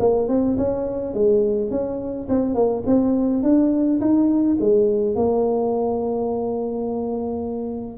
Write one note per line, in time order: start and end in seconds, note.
0.00 0.29 A#3
0.29 0.57 C4
0.58 1.14 C#4
1.14 1.71 G#3
1.71 2.28 C#4
2.29 2.55 C4
2.55 2.83 A#3
2.86 3.43 C4
3.43 4.00 D4
4.01 4.58 D#4
4.61 5.16 G#3
5.16 7.98 A#3